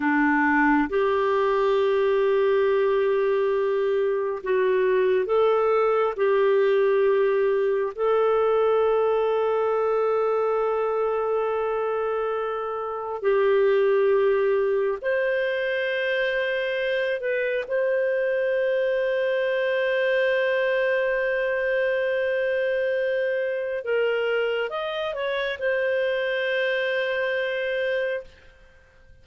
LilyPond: \new Staff \with { instrumentName = "clarinet" } { \time 4/4 \tempo 4 = 68 d'4 g'2.~ | g'4 fis'4 a'4 g'4~ | g'4 a'2.~ | a'2. g'4~ |
g'4 c''2~ c''8 b'8 | c''1~ | c''2. ais'4 | dis''8 cis''8 c''2. | }